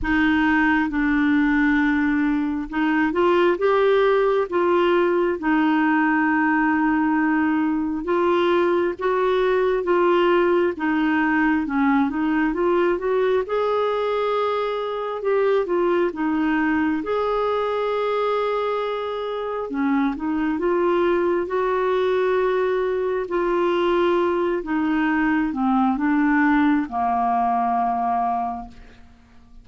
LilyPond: \new Staff \with { instrumentName = "clarinet" } { \time 4/4 \tempo 4 = 67 dis'4 d'2 dis'8 f'8 | g'4 f'4 dis'2~ | dis'4 f'4 fis'4 f'4 | dis'4 cis'8 dis'8 f'8 fis'8 gis'4~ |
gis'4 g'8 f'8 dis'4 gis'4~ | gis'2 cis'8 dis'8 f'4 | fis'2 f'4. dis'8~ | dis'8 c'8 d'4 ais2 | }